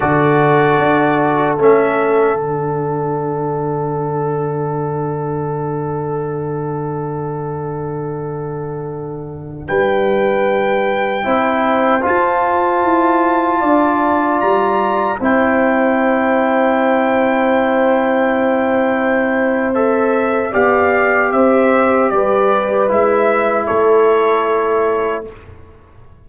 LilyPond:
<<
  \new Staff \with { instrumentName = "trumpet" } { \time 4/4 \tempo 4 = 76 d''2 e''4 fis''4~ | fis''1~ | fis''1~ | fis''16 g''2. a''8.~ |
a''2~ a''16 ais''4 g''8.~ | g''1~ | g''4 e''4 f''4 e''4 | d''4 e''4 cis''2 | }
  \new Staff \with { instrumentName = "horn" } { \time 4/4 a'1~ | a'1~ | a'1~ | a'16 b'2 c''4.~ c''16~ |
c''4~ c''16 d''2 c''8.~ | c''1~ | c''2 d''4 c''4 | b'2 a'2 | }
  \new Staff \with { instrumentName = "trombone" } { \time 4/4 fis'2 cis'4 d'4~ | d'1~ | d'1~ | d'2~ d'16 e'4 f'8.~ |
f'2.~ f'16 e'8.~ | e'1~ | e'4 a'4 g'2~ | g'4 e'2. | }
  \new Staff \with { instrumentName = "tuba" } { \time 4/4 d4 d'4 a4 d4~ | d1~ | d1~ | d16 g2 c'4 f'8.~ |
f'16 e'4 d'4 g4 c'8.~ | c'1~ | c'2 b4 c'4 | g4 gis4 a2 | }
>>